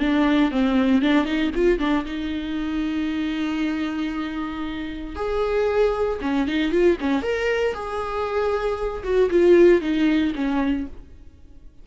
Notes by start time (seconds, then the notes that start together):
0.00 D4
0.51 C4
1.02 D4
1.25 D#4
1.55 F4
1.79 D4
2.05 D#4
5.16 G#4
6.22 C#4
6.47 D#4
6.72 F4
7.00 C#4
7.22 A#4
7.74 G#4
9.04 F#4
9.31 F4
9.81 D#4
10.35 C#4